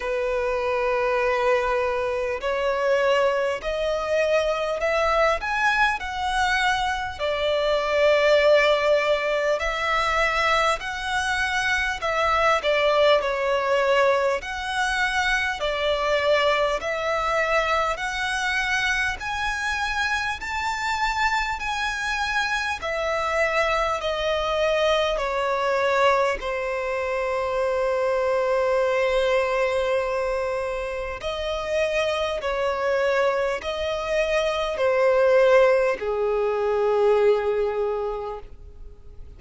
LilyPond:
\new Staff \with { instrumentName = "violin" } { \time 4/4 \tempo 4 = 50 b'2 cis''4 dis''4 | e''8 gis''8 fis''4 d''2 | e''4 fis''4 e''8 d''8 cis''4 | fis''4 d''4 e''4 fis''4 |
gis''4 a''4 gis''4 e''4 | dis''4 cis''4 c''2~ | c''2 dis''4 cis''4 | dis''4 c''4 gis'2 | }